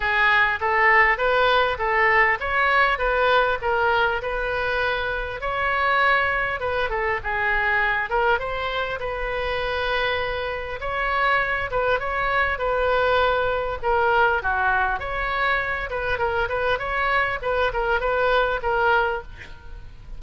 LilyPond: \new Staff \with { instrumentName = "oboe" } { \time 4/4 \tempo 4 = 100 gis'4 a'4 b'4 a'4 | cis''4 b'4 ais'4 b'4~ | b'4 cis''2 b'8 a'8 | gis'4. ais'8 c''4 b'4~ |
b'2 cis''4. b'8 | cis''4 b'2 ais'4 | fis'4 cis''4. b'8 ais'8 b'8 | cis''4 b'8 ais'8 b'4 ais'4 | }